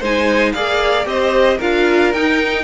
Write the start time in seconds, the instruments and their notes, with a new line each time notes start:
0.00 cello G#3, viola D#4, violin C5 G#5
0.52 cello A#3, viola G#4, violin D5 F5
1.04 cello C4, viola G4, violin C5 D#5
1.57 cello D4, viola F4, violin A#4 F5
2.13 cello D#4, viola D#4, violin G5